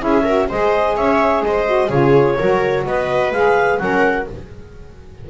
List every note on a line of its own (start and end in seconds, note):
0.00 0.49 C#4
0.00 0.24 E4
0.00 0.24 G#4
0.00 0.49 E5
0.24 0.50 F#4
0.24 0.48 A#4
0.49 0.97 G#3
0.49 1.66 G#4
0.49 0.96 C5
0.49 0.96 D#5
0.96 1.42 C#4
0.96 1.44 C#5
0.96 1.43 E5
1.42 1.89 G#3
1.42 1.90 D#5
1.48 1.89 C5
1.66 1.90 F#4
1.89 2.37 C#3
1.89 2.37 F4
1.89 2.36 G#4
1.89 2.85 C#5
2.39 2.86 F#3
2.39 3.34 F#4
2.39 2.86 A#4
2.86 3.31 B3
2.86 3.82 B4
2.86 3.33 D#5
3.31 3.79 G#3
3.31 3.80 G#4
3.31 3.78 F5
3.78 4.27 F#3
3.78 4.27 C#4
3.78 4.30 A#4
3.78 4.26 F#5